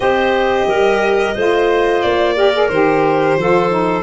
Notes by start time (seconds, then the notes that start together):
0.00 C4 G4 C5 D#5
0.66 G3 A#4
1.34 A3 F4 C5
2.01 A#3 D5
2.35 G4 A#4
2.53 G#4
2.69 D#3 G4 C5
3.36 F3 F4 A4
3.70 D#4